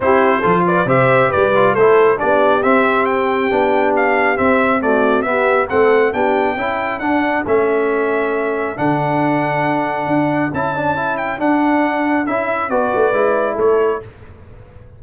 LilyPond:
<<
  \new Staff \with { instrumentName = "trumpet" } { \time 4/4 \tempo 4 = 137 c''4. d''8 e''4 d''4 | c''4 d''4 e''4 g''4~ | g''4 f''4 e''4 d''4 | e''4 fis''4 g''2 |
fis''4 e''2. | fis''1 | a''4. g''8 fis''2 | e''4 d''2 cis''4 | }
  \new Staff \with { instrumentName = "horn" } { \time 4/4 g'4 a'8 b'8 c''4 b'4 | a'4 g'2.~ | g'2. fis'4 | g'4 a'4 g'4 a'4~ |
a'1~ | a'1~ | a'1~ | a'4 b'2 a'4 | }
  \new Staff \with { instrumentName = "trombone" } { \time 4/4 e'4 f'4 g'4. f'8 | e'4 d'4 c'2 | d'2 c'4 a4 | b4 c'4 d'4 e'4 |
d'4 cis'2. | d'1 | e'8 d'8 e'4 d'2 | e'4 fis'4 e'2 | }
  \new Staff \with { instrumentName = "tuba" } { \time 4/4 c'4 f4 c4 g4 | a4 b4 c'2 | b2 c'2 | b4 a4 b4 cis'4 |
d'4 a2. | d2. d'4 | cis'2 d'2 | cis'4 b8 a8 gis4 a4 | }
>>